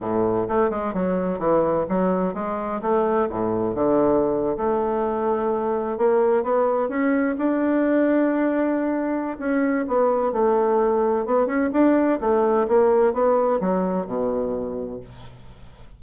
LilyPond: \new Staff \with { instrumentName = "bassoon" } { \time 4/4 \tempo 4 = 128 a,4 a8 gis8 fis4 e4 | fis4 gis4 a4 a,4 | d4.~ d16 a2~ a16~ | a8. ais4 b4 cis'4 d'16~ |
d'1 | cis'4 b4 a2 | b8 cis'8 d'4 a4 ais4 | b4 fis4 b,2 | }